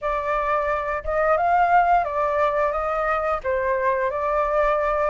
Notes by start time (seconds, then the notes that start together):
0.01 D5
1.04 D#5
1.37 F5
2.04 D5
2.71 D#5
3.43 C5
4.10 D5